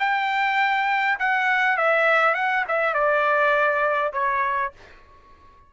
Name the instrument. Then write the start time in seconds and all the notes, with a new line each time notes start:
trumpet
0.00 G5
1.20 F#5
1.78 E5
2.35 F#5
2.68 E5
2.94 D5
4.13 C#5